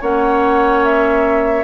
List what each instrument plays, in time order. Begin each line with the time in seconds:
0.00 bassoon A#3, clarinet C#4, oboe C#5, flute F#5
0.84 flute E5